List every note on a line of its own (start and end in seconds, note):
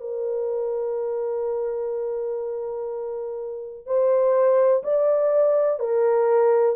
0.00 3.86 A#4
3.86 4.83 C5
4.83 5.79 D5
5.79 6.76 A#4